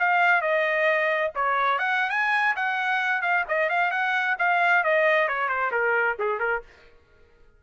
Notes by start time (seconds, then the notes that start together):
0.00 F5
0.42 D#5
1.35 C#5
1.79 F#5
2.10 G#5
2.56 F#5
3.22 F5
3.48 D#5
3.70 F5
3.91 F#5
4.39 F5
4.84 D#5
5.28 C#5
5.49 C5
5.72 A#4
6.19 G#4
6.40 A#4